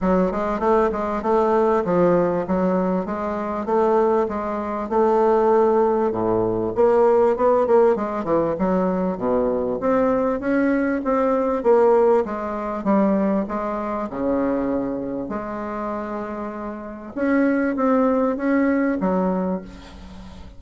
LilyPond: \new Staff \with { instrumentName = "bassoon" } { \time 4/4 \tempo 4 = 98 fis8 gis8 a8 gis8 a4 f4 | fis4 gis4 a4 gis4 | a2 a,4 ais4 | b8 ais8 gis8 e8 fis4 b,4 |
c'4 cis'4 c'4 ais4 | gis4 g4 gis4 cis4~ | cis4 gis2. | cis'4 c'4 cis'4 fis4 | }